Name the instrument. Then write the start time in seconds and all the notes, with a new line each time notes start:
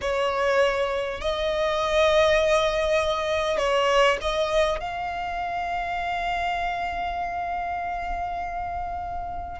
violin
0.01 C#5
1.20 D#5
3.57 C#5
4.21 D#5
4.80 F5